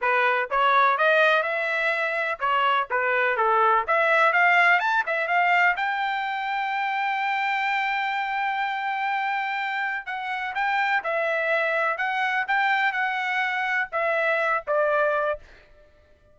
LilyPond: \new Staff \with { instrumentName = "trumpet" } { \time 4/4 \tempo 4 = 125 b'4 cis''4 dis''4 e''4~ | e''4 cis''4 b'4 a'4 | e''4 f''4 a''8 e''8 f''4 | g''1~ |
g''1~ | g''4 fis''4 g''4 e''4~ | e''4 fis''4 g''4 fis''4~ | fis''4 e''4. d''4. | }